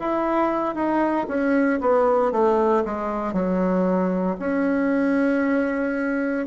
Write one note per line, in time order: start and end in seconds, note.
0.00 0.75 E4
0.75 1.27 D#4
1.28 1.80 C#4
1.81 2.32 B3
2.32 2.84 A3
2.85 3.33 G#3
3.33 4.37 F#3
4.40 6.47 C#4